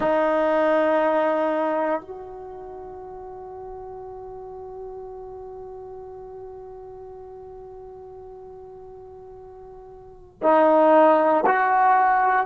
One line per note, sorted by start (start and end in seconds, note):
0.00 2.01 D#4
2.01 10.40 F#4
10.42 11.44 D#4
11.45 12.46 F#4